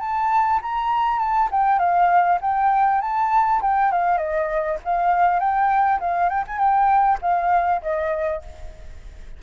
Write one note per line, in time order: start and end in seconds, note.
0.00 0.60 A5
0.62 1.19 A#5
1.19 1.49 A5
1.51 1.79 G5
1.79 2.39 F5
2.41 3.01 G5
3.01 3.61 A5
3.61 3.91 G5
3.91 4.18 F5
4.18 4.78 D#5
4.84 5.39 F5
5.39 5.99 G5
6.00 6.29 F5
6.29 6.44 G5
6.47 6.58 G#5
6.58 7.18 G5
7.22 7.82 F5
7.82 8.42 D#5